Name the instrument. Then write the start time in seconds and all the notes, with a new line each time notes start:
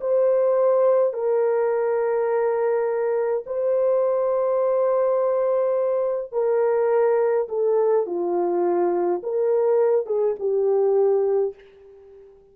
horn
0.00 C5
1.13 A#4
3.46 C5
6.32 A#4
7.48 A4
8.06 F4
9.23 A#4
10.06 G#4
10.39 G4